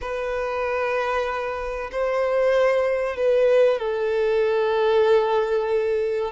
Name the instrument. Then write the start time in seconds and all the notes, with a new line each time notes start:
violin
0.01 B4
1.91 C5
3.16 B4
3.79 A4